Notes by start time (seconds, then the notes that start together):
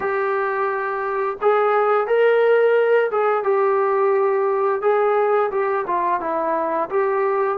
0.00 G4
1.41 G#4
2.07 A#4
3.11 G#4
3.43 G4
4.81 G#4
5.51 G4
5.86 F4
6.20 E4
6.89 G4